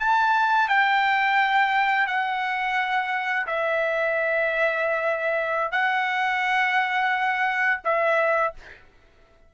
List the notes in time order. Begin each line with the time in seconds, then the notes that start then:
0.00 A5
0.69 G5
2.07 F#5
3.47 E5
5.72 F#5
7.85 E5